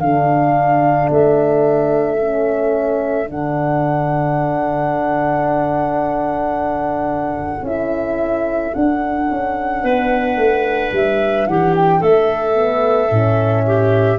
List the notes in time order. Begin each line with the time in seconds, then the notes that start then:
0.00 D3 D4 A4 F5
1.10 A3 E5
2.20 C#4
3.26 D3 D4 F#5
7.62 C#4 E4 E5
8.74 D4 F#5
9.31 C#4
9.83 B3 B4
10.37 A3
10.92 G3 E5
11.47 E3 G4 F#5
11.75 G5
12.00 A3 A4 E5
12.55 B3
13.08 A2 C#4
13.66 G4